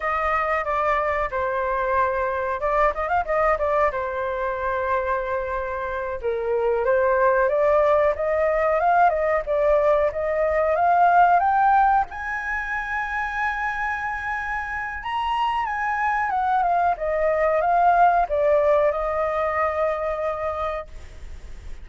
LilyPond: \new Staff \with { instrumentName = "flute" } { \time 4/4 \tempo 4 = 92 dis''4 d''4 c''2 | d''8 dis''16 f''16 dis''8 d''8 c''2~ | c''4. ais'4 c''4 d''8~ | d''8 dis''4 f''8 dis''8 d''4 dis''8~ |
dis''8 f''4 g''4 gis''4.~ | gis''2. ais''4 | gis''4 fis''8 f''8 dis''4 f''4 | d''4 dis''2. | }